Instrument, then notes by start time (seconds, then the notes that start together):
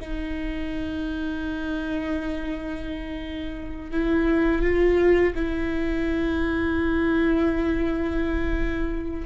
viola
0.00 D#4
3.91 E4
4.62 F4
5.35 E4